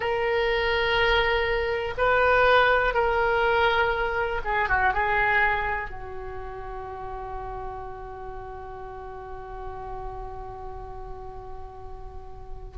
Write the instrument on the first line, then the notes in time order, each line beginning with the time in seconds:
oboe
0.00 A#4
1.97 B4
2.93 A#4
4.44 G#4
4.69 F#4
4.93 G#4
5.90 F#4